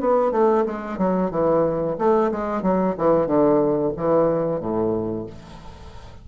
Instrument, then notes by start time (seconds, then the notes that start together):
bassoon
0.00 B3
0.31 A3
0.66 G#3
0.97 F#3
1.31 E3
1.98 A3
2.31 G#3
2.62 F#3
2.98 E3
3.26 D3
3.97 E3
4.60 A2